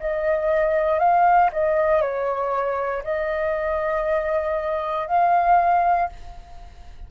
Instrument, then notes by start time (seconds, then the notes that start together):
flute
0.00 D#5
0.99 F5
1.52 D#5
2.01 C#5
3.03 D#5
5.07 F5